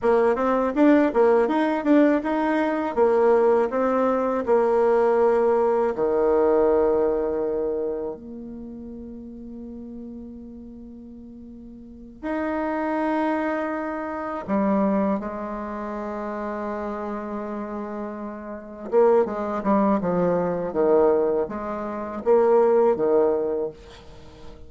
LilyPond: \new Staff \with { instrumentName = "bassoon" } { \time 4/4 \tempo 4 = 81 ais8 c'8 d'8 ais8 dis'8 d'8 dis'4 | ais4 c'4 ais2 | dis2. ais4~ | ais1~ |
ais8 dis'2. g8~ | g8 gis2.~ gis8~ | gis4. ais8 gis8 g8 f4 | dis4 gis4 ais4 dis4 | }